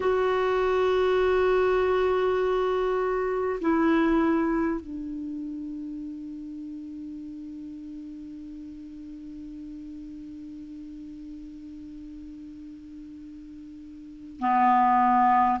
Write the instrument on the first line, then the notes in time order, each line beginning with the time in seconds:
clarinet
0.00 F#4
3.61 E4
4.81 D4
14.39 B3